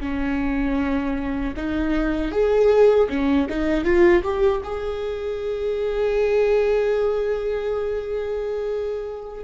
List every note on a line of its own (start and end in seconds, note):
0.00 1.54 C#4
1.56 2.31 D#4
2.31 3.08 G#4
3.09 3.48 C#4
3.49 3.84 D#4
3.84 4.23 F4
4.23 4.62 G4
4.64 9.44 G#4